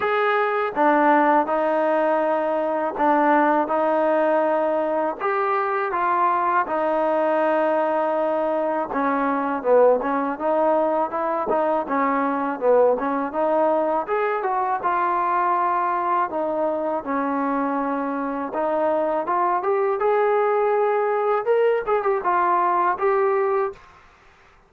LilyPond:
\new Staff \with { instrumentName = "trombone" } { \time 4/4 \tempo 4 = 81 gis'4 d'4 dis'2 | d'4 dis'2 g'4 | f'4 dis'2. | cis'4 b8 cis'8 dis'4 e'8 dis'8 |
cis'4 b8 cis'8 dis'4 gis'8 fis'8 | f'2 dis'4 cis'4~ | cis'4 dis'4 f'8 g'8 gis'4~ | gis'4 ais'8 gis'16 g'16 f'4 g'4 | }